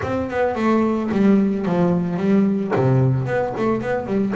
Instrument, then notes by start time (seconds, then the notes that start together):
double bass
0.02 C4
0.30 B3
0.55 A3
1.11 G3
1.65 F3
2.17 G3
2.75 C3
3.26 B3
3.57 A3
3.81 B3
4.06 G3